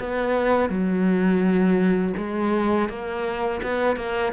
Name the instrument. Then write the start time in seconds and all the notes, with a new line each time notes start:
cello
0.00 B3
0.69 F#3
2.17 G#3
2.89 A#3
3.63 B3
3.97 A#3